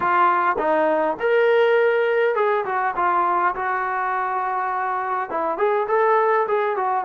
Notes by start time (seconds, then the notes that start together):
0.00 F4
0.58 D#4
1.19 A#4
2.35 G#4
2.65 F#4
2.96 F4
3.55 F#4
5.30 E4
5.57 G#4
5.87 A4
6.47 G#4
6.76 F#4